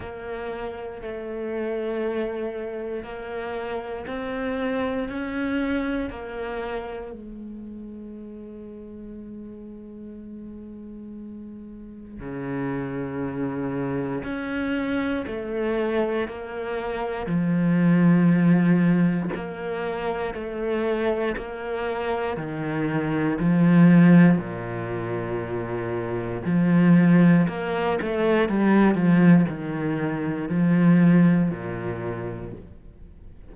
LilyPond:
\new Staff \with { instrumentName = "cello" } { \time 4/4 \tempo 4 = 59 ais4 a2 ais4 | c'4 cis'4 ais4 gis4~ | gis1 | cis2 cis'4 a4 |
ais4 f2 ais4 | a4 ais4 dis4 f4 | ais,2 f4 ais8 a8 | g8 f8 dis4 f4 ais,4 | }